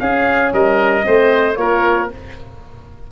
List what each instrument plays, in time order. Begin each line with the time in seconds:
0.00 horn C#4, tuba C#4, oboe G#4, trumpet F5
0.53 tuba G3, oboe A#4, trumpet D#5
1.02 tuba A3, horn C4, oboe C5
1.56 tuba A#3, horn F4, oboe A#4, trumpet C#5